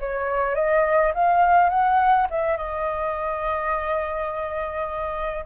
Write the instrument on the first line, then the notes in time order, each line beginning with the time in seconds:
flute
0.00 C#5
0.55 D#5
1.14 F5
1.69 F#5
2.30 E5
2.57 D#5